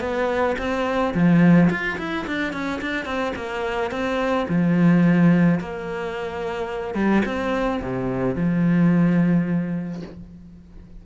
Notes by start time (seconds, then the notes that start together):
0.00 B3
0.58 C4
1.14 F3
1.70 F4
1.98 E4
2.27 D4
2.53 C#4
2.81 D4
3.05 C4
3.35 A#3
3.90 C4
4.48 F3
5.60 A#3
6.94 G3
7.25 C4
7.81 C3
8.35 F3